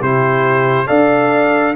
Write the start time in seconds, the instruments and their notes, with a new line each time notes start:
0.00 tuba C3, trombone E4, horn G4, trumpet C5
0.87 tuba D4, trombone A4, horn D5, trumpet F5